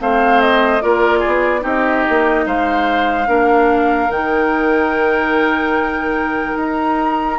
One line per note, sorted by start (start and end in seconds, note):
0.00 0.82 A3
0.00 0.81 C4
0.00 0.83 C5
0.00 0.41 F5
0.41 0.81 D#5
0.81 1.24 A#3
0.81 1.60 F4
0.81 1.19 A#4
0.81 1.63 D5
1.19 1.60 G#4
1.26 1.64 B3
1.60 2.05 C4
1.60 3.24 D#4
1.60 2.45 G4
1.60 2.47 D#5
2.09 2.46 A#3
2.46 3.27 G#3
2.46 3.28 C5
2.46 4.11 F5
3.27 4.09 A#3
3.27 4.09 D4
3.27 7.38 A#4
4.09 6.55 D#3
4.09 7.38 D#4
4.09 6.57 G5
6.56 7.38 D#4
6.56 7.38 A#5